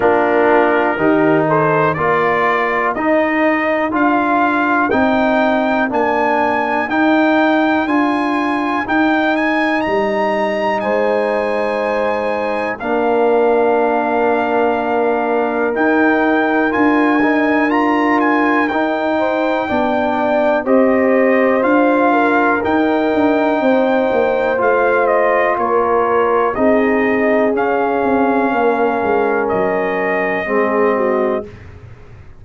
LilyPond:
<<
  \new Staff \with { instrumentName = "trumpet" } { \time 4/4 \tempo 4 = 61 ais'4. c''8 d''4 dis''4 | f''4 g''4 gis''4 g''4 | gis''4 g''8 gis''8 ais''4 gis''4~ | gis''4 f''2. |
g''4 gis''4 ais''8 gis''8 g''4~ | g''4 dis''4 f''4 g''4~ | g''4 f''8 dis''8 cis''4 dis''4 | f''2 dis''2 | }
  \new Staff \with { instrumentName = "horn" } { \time 4/4 f'4 g'8 a'8 ais'2~ | ais'1~ | ais'2. c''4~ | c''4 ais'2.~ |
ais'2.~ ais'8 c''8 | d''4 c''4. ais'4. | c''2 ais'4 gis'4~ | gis'4 ais'2 gis'8 fis'8 | }
  \new Staff \with { instrumentName = "trombone" } { \time 4/4 d'4 dis'4 f'4 dis'4 | f'4 dis'4 d'4 dis'4 | f'4 dis'2.~ | dis'4 d'2. |
dis'4 f'8 dis'8 f'4 dis'4 | d'4 g'4 f'4 dis'4~ | dis'4 f'2 dis'4 | cis'2. c'4 | }
  \new Staff \with { instrumentName = "tuba" } { \time 4/4 ais4 dis4 ais4 dis'4 | d'4 c'4 ais4 dis'4 | d'4 dis'4 g4 gis4~ | gis4 ais2. |
dis'4 d'2 dis'4 | b4 c'4 d'4 dis'8 d'8 | c'8 ais8 a4 ais4 c'4 | cis'8 c'8 ais8 gis8 fis4 gis4 | }
>>